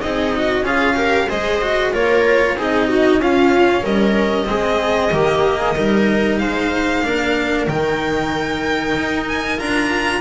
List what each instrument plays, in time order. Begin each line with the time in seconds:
0.00 double bass C4, viola D#4, cello G#4, violin D#5
0.36 cello F#4
0.62 double bass C#4, cello F4, viola G#4, violin F5
0.95 cello G4, viola A#4
1.28 double bass G#3, cello G#4, viola C5, violin D#5
1.61 cello F#4
1.93 double bass A#3, cello F4, viola A#4, violin C#5
2.56 double bass C4, cello D#4, viola G#4, violin D#5
2.88 viola F#4
3.18 double bass C#4, cello C#4, viola F4, violin F5
3.82 double bass G3, viola A#4, violin D#5
4.45 double bass G#3, cello C4, viola G#4
5.12 double bass D#3, cello A#3, viola G4
5.59 viola G#4
5.76 double bass G3, cello D#4, viola A#4
6.38 double bass G#3, viola C5, violin F5
7.03 double bass A#3, cello D4, viola A#4
7.67 double bass D#3, cello D#4, violin G5
8.95 double bass D#4
9.28 violin G#5
9.58 double bass D4, cello F4, violin A#5